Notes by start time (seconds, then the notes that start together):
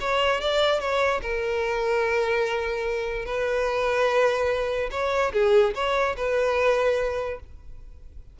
0.00 C#5
0.41 D5
0.80 C#5
1.22 A#4
3.25 B4
4.91 C#5
5.33 G#4
5.75 C#5
6.16 B4